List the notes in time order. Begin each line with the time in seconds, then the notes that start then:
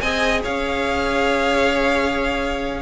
0.00 C4 G#4 D#5 G#5
0.42 C#4 C#5 F5